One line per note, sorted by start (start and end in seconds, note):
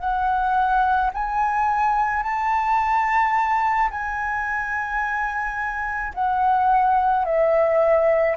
0.00 1.11 F#5
1.14 2.23 G#5
2.23 3.90 A5
3.91 6.13 G#5
6.15 7.25 F#5
7.25 8.36 E5